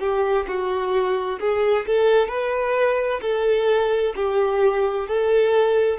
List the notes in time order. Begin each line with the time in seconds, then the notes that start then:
0.00 G4
0.47 F#4
1.40 G#4
1.87 A4
2.28 B4
3.22 A4
4.16 G4
5.08 A4